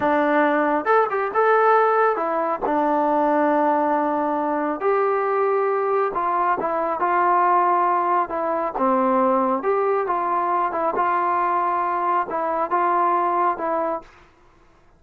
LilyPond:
\new Staff \with { instrumentName = "trombone" } { \time 4/4 \tempo 4 = 137 d'2 a'8 g'8 a'4~ | a'4 e'4 d'2~ | d'2. g'4~ | g'2 f'4 e'4 |
f'2. e'4 | c'2 g'4 f'4~ | f'8 e'8 f'2. | e'4 f'2 e'4 | }